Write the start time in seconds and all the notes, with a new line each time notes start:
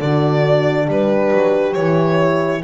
0.00 D3 D4 F#4 D5
0.86 G3 G4 B4
1.34 F#3
1.74 E3 E4 C#5